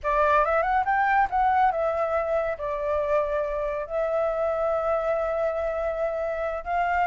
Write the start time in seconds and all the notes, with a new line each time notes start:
0.03 D5
0.45 E5
0.62 F#5
0.85 G5
1.30 F#5
1.71 E5
2.58 D5
3.86 E5
6.64 F5